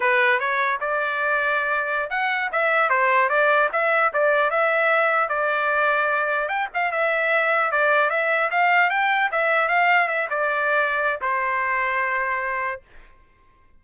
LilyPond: \new Staff \with { instrumentName = "trumpet" } { \time 4/4 \tempo 4 = 150 b'4 cis''4 d''2~ | d''4~ d''16 fis''4 e''4 c''8.~ | c''16 d''4 e''4 d''4 e''8.~ | e''4~ e''16 d''2~ d''8.~ |
d''16 g''8 f''8 e''2 d''8.~ | d''16 e''4 f''4 g''4 e''8.~ | e''16 f''4 e''8 d''2~ d''16 | c''1 | }